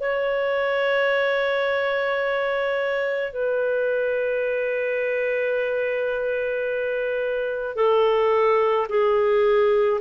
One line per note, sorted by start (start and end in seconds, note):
0.00 3.33 C#5
3.33 7.76 B4
7.76 8.87 A4
8.89 10.00 G#4